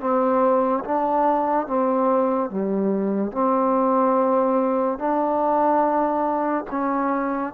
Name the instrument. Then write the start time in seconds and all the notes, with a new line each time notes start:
trombone
0.00 C4
0.84 D4
1.67 C4
2.50 G3
3.31 C4
4.98 D4
6.70 C#4